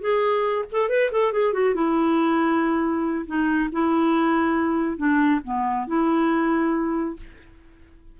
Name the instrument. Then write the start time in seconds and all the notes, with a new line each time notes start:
clarinet
0.00 G#4
0.71 A4
0.89 B4
1.11 A4
1.32 G#4
1.53 F#4
1.74 E4
3.26 D#4
3.71 E4
4.97 D4
5.44 B3
5.87 E4